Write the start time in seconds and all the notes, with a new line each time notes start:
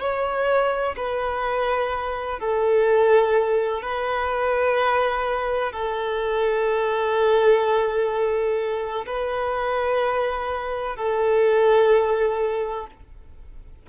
0.00 C#5
0.96 B4
2.39 A4
3.82 B4
5.72 A4
9.06 B4
10.96 A4